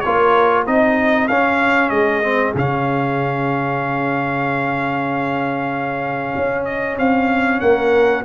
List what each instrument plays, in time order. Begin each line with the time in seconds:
0.00 tuba A#3, trombone F4, trumpet C#5
0.06 horn A#4
0.66 tuba C4, trombone D#4, horn G#4, trumpet D#5
1.28 tuba C#4, trombone C#4, trumpet F5
1.89 tuba G#3, trumpet D#5
2.22 trombone C4
2.54 tuba C#3, trombone C#4, trumpet F5
6.36 tuba C#4
6.65 trumpet D#5
6.97 tuba C4, trumpet F5
7.60 tuba A#3, horn A#4, trumpet F#5